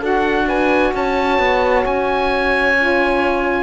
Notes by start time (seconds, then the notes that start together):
0.00 D4 F#4 A4 F#5
0.48 B4 G#5
0.94 C#4 C#5 A5
1.39 B3
1.86 C#4 G#5
2.78 F4